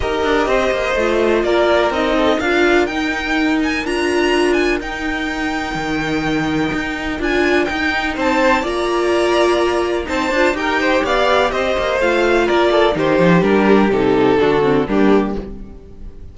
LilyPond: <<
  \new Staff \with { instrumentName = "violin" } { \time 4/4 \tempo 4 = 125 dis''2. d''4 | dis''4 f''4 g''4. gis''8 | ais''4. gis''8 g''2~ | g''2. gis''4 |
g''4 a''4 ais''2~ | ais''4 a''4 g''4 f''4 | dis''4 f''4 d''4 c''4 | ais'4 a'2 g'4 | }
  \new Staff \with { instrumentName = "violin" } { \time 4/4 ais'4 c''2 ais'4~ | ais'8 a'8 ais'2.~ | ais'1~ | ais'1~ |
ais'4 c''4 d''2~ | d''4 c''4 ais'8 c''8 d''4 | c''2 ais'8 a'8 g'4~ | g'2 fis'4 d'4 | }
  \new Staff \with { instrumentName = "viola" } { \time 4/4 g'2 f'2 | dis'4 f'4 dis'2 | f'2 dis'2~ | dis'2. f'4 |
dis'2 f'2~ | f'4 dis'8 f'8 g'2~ | g'4 f'2 dis'4 | d'4 dis'4 d'8 c'8 ais4 | }
  \new Staff \with { instrumentName = "cello" } { \time 4/4 dis'8 d'8 c'8 ais8 a4 ais4 | c'4 d'4 dis'2 | d'2 dis'2 | dis2 dis'4 d'4 |
dis'4 c'4 ais2~ | ais4 c'8 d'8 dis'4 b4 | c'8 ais8 a4 ais4 dis8 f8 | g4 c4 d4 g4 | }
>>